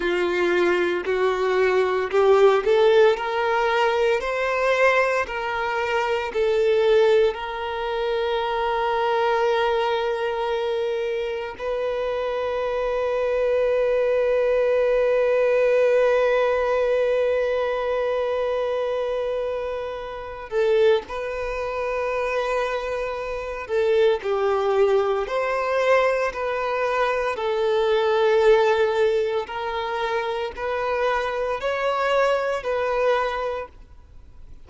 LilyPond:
\new Staff \with { instrumentName = "violin" } { \time 4/4 \tempo 4 = 57 f'4 fis'4 g'8 a'8 ais'4 | c''4 ais'4 a'4 ais'4~ | ais'2. b'4~ | b'1~ |
b'2.~ b'8 a'8 | b'2~ b'8 a'8 g'4 | c''4 b'4 a'2 | ais'4 b'4 cis''4 b'4 | }